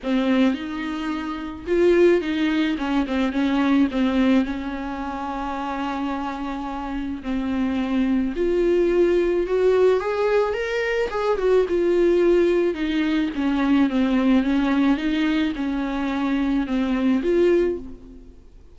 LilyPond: \new Staff \with { instrumentName = "viola" } { \time 4/4 \tempo 4 = 108 c'4 dis'2 f'4 | dis'4 cis'8 c'8 cis'4 c'4 | cis'1~ | cis'4 c'2 f'4~ |
f'4 fis'4 gis'4 ais'4 | gis'8 fis'8 f'2 dis'4 | cis'4 c'4 cis'4 dis'4 | cis'2 c'4 f'4 | }